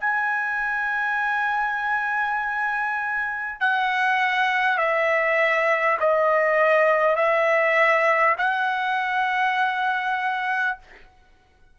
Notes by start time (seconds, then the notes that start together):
0.00 G#5
3.61 F#5
4.78 E5
5.99 D#5
7.16 E5
8.38 F#5